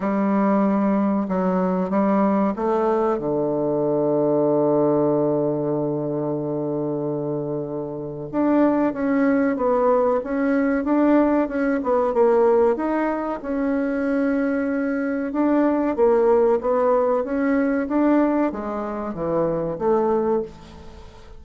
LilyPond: \new Staff \with { instrumentName = "bassoon" } { \time 4/4 \tempo 4 = 94 g2 fis4 g4 | a4 d2.~ | d1~ | d4 d'4 cis'4 b4 |
cis'4 d'4 cis'8 b8 ais4 | dis'4 cis'2. | d'4 ais4 b4 cis'4 | d'4 gis4 e4 a4 | }